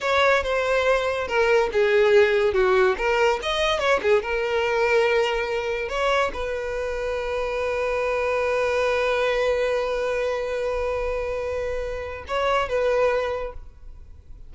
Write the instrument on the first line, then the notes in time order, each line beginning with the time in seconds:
violin
0.01 C#5
0.43 C5
1.27 A#4
1.72 G#4
2.53 F#4
2.97 A#4
3.42 D#5
3.79 C#5
4.02 G#4
4.22 A#4
5.88 C#5
6.33 B4
12.27 C#5
12.69 B4